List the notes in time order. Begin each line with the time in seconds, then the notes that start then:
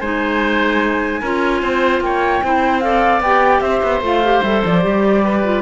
0.00 G#3 D#4 C5 G#5
1.21 C#4 F4 A#4
1.62 C4 C5
2.01 A#3 C#5 G5
2.43 C4 E4 C5
2.80 A4 D5 F5
3.20 B3 G4 G5
3.61 C4 C5 E5
3.83 B3
4.01 A3 F4 F5
4.24 G4
4.43 G3 A4 E5
4.65 F3 D5
4.82 G3 G4
5.24 B4
5.44 F4